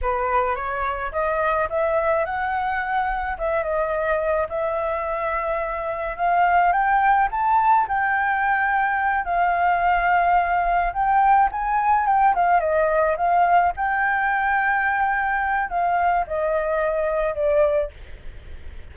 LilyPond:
\new Staff \with { instrumentName = "flute" } { \time 4/4 \tempo 4 = 107 b'4 cis''4 dis''4 e''4 | fis''2 e''8 dis''4. | e''2. f''4 | g''4 a''4 g''2~ |
g''8 f''2. g''8~ | g''8 gis''4 g''8 f''8 dis''4 f''8~ | f''8 g''2.~ g''8 | f''4 dis''2 d''4 | }